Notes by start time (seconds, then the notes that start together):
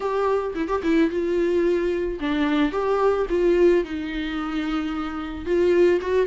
0.00 G4
0.54 E4
0.68 G4
0.83 E4
1.10 F4
2.20 D4
2.71 G4
3.29 F4
3.84 D#4
5.45 F4
6.01 F#4